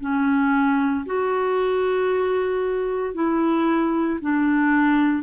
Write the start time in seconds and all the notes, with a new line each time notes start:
0.00 C#4
1.06 F#4
3.14 E4
4.21 D4